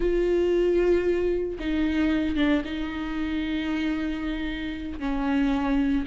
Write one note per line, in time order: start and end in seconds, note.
0.00 1.57 F4
1.59 2.36 D#4
2.36 2.62 D4
2.65 4.99 D#4
4.99 6.05 C#4